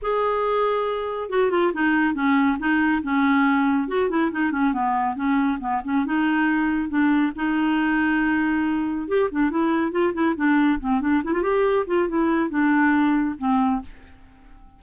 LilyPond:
\new Staff \with { instrumentName = "clarinet" } { \time 4/4 \tempo 4 = 139 gis'2. fis'8 f'8 | dis'4 cis'4 dis'4 cis'4~ | cis'4 fis'8 e'8 dis'8 cis'8 b4 | cis'4 b8 cis'8 dis'2 |
d'4 dis'2.~ | dis'4 g'8 d'8 e'4 f'8 e'8 | d'4 c'8 d'8 e'16 f'16 g'4 f'8 | e'4 d'2 c'4 | }